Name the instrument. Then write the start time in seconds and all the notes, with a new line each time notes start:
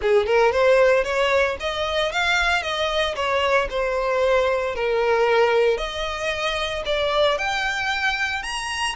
violin
0.01 G#4
0.26 A#4
0.51 C5
1.04 C#5
1.60 D#5
2.11 F5
2.62 D#5
3.15 C#5
3.70 C5
4.75 A#4
5.77 D#5
6.85 D5
7.38 G5
8.42 A#5